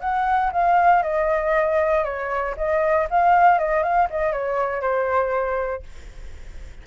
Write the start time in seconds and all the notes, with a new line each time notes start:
0.00 F#5
0.52 F5
1.02 D#5
2.04 C#5
2.57 D#5
3.10 F5
3.59 D#5
3.83 F5
4.10 D#5
4.32 C#5
4.81 C5